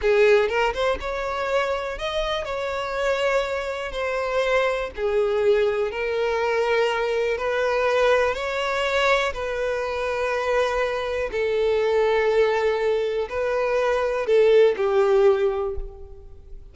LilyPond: \new Staff \with { instrumentName = "violin" } { \time 4/4 \tempo 4 = 122 gis'4 ais'8 c''8 cis''2 | dis''4 cis''2. | c''2 gis'2 | ais'2. b'4~ |
b'4 cis''2 b'4~ | b'2. a'4~ | a'2. b'4~ | b'4 a'4 g'2 | }